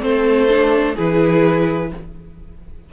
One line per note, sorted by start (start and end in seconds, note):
0.00 0.96 A3
0.00 0.47 C4
0.00 0.95 A4
0.00 0.96 C5
0.48 0.95 D4
0.95 1.92 E3
0.95 1.91 E4
0.95 1.89 G#4
0.95 1.92 B4